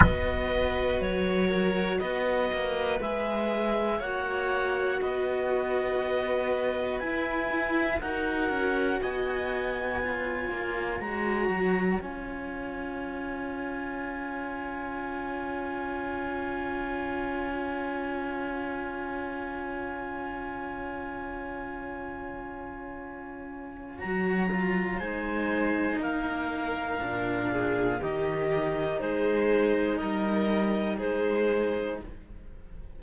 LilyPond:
<<
  \new Staff \with { instrumentName = "clarinet" } { \time 4/4 \tempo 4 = 60 dis''4 cis''4 dis''4 e''4 | fis''4 dis''2 gis''4 | fis''4 gis''2 ais''4 | gis''1~ |
gis''1~ | gis''1 | ais''4 gis''4 f''2 | dis''4 c''4 dis''4 c''4 | }
  \new Staff \with { instrumentName = "violin" } { \time 4/4 b'4. ais'8 b'2 | cis''4 b'2. | ais'4 dis''4 cis''2~ | cis''1~ |
cis''1~ | cis''1~ | cis''4 c''4 ais'4. gis'8 | g'4 gis'4 ais'4 gis'4 | }
  \new Staff \with { instrumentName = "cello" } { \time 4/4 fis'2. gis'4 | fis'2. e'4 | fis'2 f'4 fis'4 | f'1~ |
f'1~ | f'1 | fis'8 f'8 dis'2 d'4 | dis'1 | }
  \new Staff \with { instrumentName = "cello" } { \time 4/4 b4 fis4 b8 ais8 gis4 | ais4 b2 e'4 | dis'8 cis'8 b4. ais8 gis8 fis8 | cis'1~ |
cis'1~ | cis'1 | fis4 gis4 ais4 ais,4 | dis4 gis4 g4 gis4 | }
>>